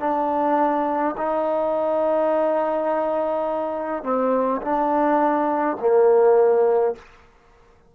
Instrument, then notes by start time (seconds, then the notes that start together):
trombone
0.00 D4
1.17 D#4
4.03 C4
4.62 D4
5.80 A#3